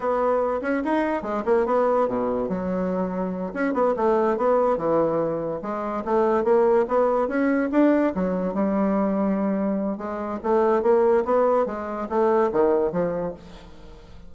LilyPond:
\new Staff \with { instrumentName = "bassoon" } { \time 4/4 \tempo 4 = 144 b4. cis'8 dis'4 gis8 ais8 | b4 b,4 fis2~ | fis8 cis'8 b8 a4 b4 e8~ | e4. gis4 a4 ais8~ |
ais8 b4 cis'4 d'4 fis8~ | fis8 g2.~ g8 | gis4 a4 ais4 b4 | gis4 a4 dis4 f4 | }